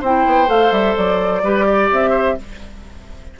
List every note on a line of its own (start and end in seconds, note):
0.00 0.25 C4
0.00 0.47 E4
0.00 1.42 C5
0.00 0.49 G5
0.25 0.48 B3
0.47 0.71 A3
0.47 1.41 A4
0.47 0.72 F5
0.71 0.95 G3
0.71 0.95 E5
0.96 1.42 F#3
0.96 1.90 D5
1.42 1.90 G3
1.42 2.38 G4
1.42 1.65 B4
1.65 2.10 D5
1.91 2.38 C4
1.91 2.39 E5
2.10 2.33 C5